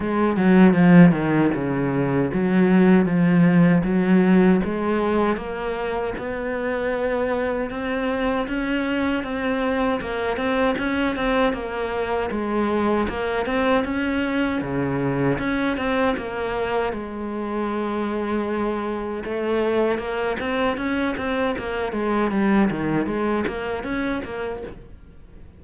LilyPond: \new Staff \with { instrumentName = "cello" } { \time 4/4 \tempo 4 = 78 gis8 fis8 f8 dis8 cis4 fis4 | f4 fis4 gis4 ais4 | b2 c'4 cis'4 | c'4 ais8 c'8 cis'8 c'8 ais4 |
gis4 ais8 c'8 cis'4 cis4 | cis'8 c'8 ais4 gis2~ | gis4 a4 ais8 c'8 cis'8 c'8 | ais8 gis8 g8 dis8 gis8 ais8 cis'8 ais8 | }